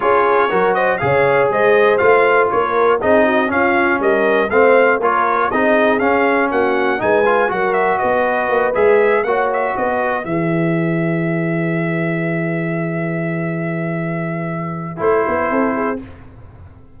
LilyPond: <<
  \new Staff \with { instrumentName = "trumpet" } { \time 4/4 \tempo 4 = 120 cis''4. dis''8 f''4 dis''4 | f''4 cis''4 dis''4 f''4 | dis''4 f''4 cis''4 dis''4 | f''4 fis''4 gis''4 fis''8 e''8 |
dis''4. e''4 fis''8 e''8 dis''8~ | dis''8 e''2.~ e''8~ | e''1~ | e''2 c''2 | }
  \new Staff \with { instrumentName = "horn" } { \time 4/4 gis'4 ais'8 c''8 cis''4 c''4~ | c''4 ais'4 gis'8 fis'8 f'4 | ais'4 c''4 ais'4 gis'4~ | gis'4 fis'4 b'4 ais'4 |
b'2~ b'8 cis''4 b'8~ | b'1~ | b'1~ | b'2. a'8 gis'8 | }
  \new Staff \with { instrumentName = "trombone" } { \time 4/4 f'4 fis'4 gis'2 | f'2 dis'4 cis'4~ | cis'4 c'4 f'4 dis'4 | cis'2 dis'8 f'8 fis'4~ |
fis'4. gis'4 fis'4.~ | fis'8 gis'2.~ gis'8~ | gis'1~ | gis'2 e'2 | }
  \new Staff \with { instrumentName = "tuba" } { \time 4/4 cis'4 fis4 cis4 gis4 | a4 ais4 c'4 cis'4 | g4 a4 ais4 c'4 | cis'4 ais4 gis4 fis4 |
b4 ais8 gis4 ais4 b8~ | b8 e2.~ e8~ | e1~ | e2 a8 b8 c'4 | }
>>